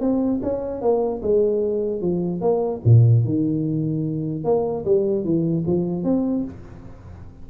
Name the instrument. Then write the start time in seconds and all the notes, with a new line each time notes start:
tuba
0.00 C4
0.42 C#4
0.81 A#3
1.22 G#3
2.01 F3
2.41 A#3
2.84 A#2
3.25 D#3
4.44 A#3
4.85 G3
5.24 E3
5.66 F3
6.03 C4